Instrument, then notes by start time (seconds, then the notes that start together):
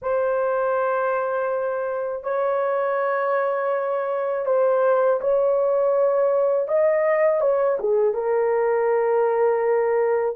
horn
0.02 C5
2.23 C#5
4.45 C5
5.21 C#5
6.68 D#5
7.41 C#5
7.79 G#4
8.13 A#4